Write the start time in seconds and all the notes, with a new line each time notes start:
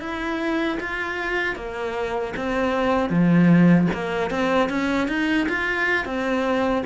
0.00 E4
0.80 F4
1.56 A#3
2.37 C4
3.10 F3
3.94 A#3
4.31 C4
4.70 C#4
5.08 D#4
5.49 F4
6.05 C4